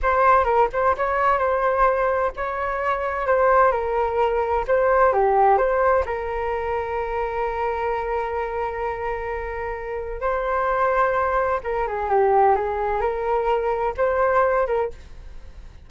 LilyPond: \new Staff \with { instrumentName = "flute" } { \time 4/4 \tempo 4 = 129 c''4 ais'8 c''8 cis''4 c''4~ | c''4 cis''2 c''4 | ais'2 c''4 g'4 | c''4 ais'2.~ |
ais'1~ | ais'2 c''2~ | c''4 ais'8 gis'8 g'4 gis'4 | ais'2 c''4. ais'8 | }